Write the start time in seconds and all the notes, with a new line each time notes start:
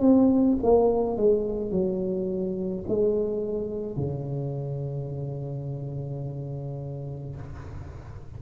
0.00 C4
0.63 A#3
1.16 G#3
1.71 F#3
2.88 G#3
3.96 C#3